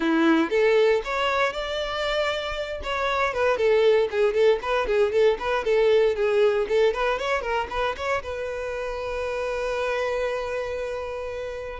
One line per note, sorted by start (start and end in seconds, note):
0.00 0.50 E4
0.50 1.01 A4
1.04 1.52 C#5
1.52 2.80 D5
2.83 3.33 C#5
3.33 3.57 B4
3.57 4.08 A4
4.10 4.33 G#4
4.33 4.59 A4
4.62 4.86 B4
4.86 5.12 G#4
5.12 5.37 A4
5.39 5.64 B4
5.64 6.15 A4
6.15 6.66 G#4
6.68 6.93 A4
6.93 7.19 B4
7.19 7.41 C#5
7.41 7.67 A#4
7.69 7.95 B4
7.96 8.22 C#5
8.22 11.79 B4